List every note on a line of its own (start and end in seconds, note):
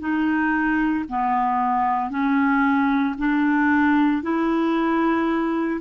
0.00 1.05 D#4
1.09 2.10 B3
2.10 3.15 C#4
3.18 4.22 D4
4.22 5.80 E4